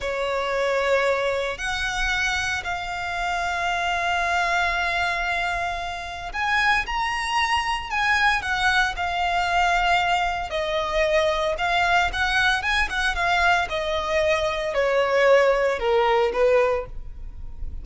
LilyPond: \new Staff \with { instrumentName = "violin" } { \time 4/4 \tempo 4 = 114 cis''2. fis''4~ | fis''4 f''2.~ | f''1 | gis''4 ais''2 gis''4 |
fis''4 f''2. | dis''2 f''4 fis''4 | gis''8 fis''8 f''4 dis''2 | cis''2 ais'4 b'4 | }